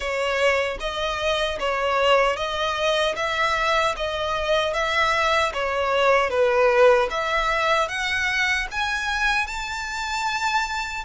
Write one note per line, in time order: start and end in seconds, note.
0.00 0.78 C#5
0.79 1.58 D#5
1.59 2.36 C#5
2.36 3.15 D#5
3.16 3.95 E5
3.96 4.73 D#5
4.73 5.52 E5
5.53 6.29 C#5
6.29 7.08 B4
7.10 7.88 E5
7.88 8.67 F#5
8.71 9.46 G#5
9.46 11.04 A5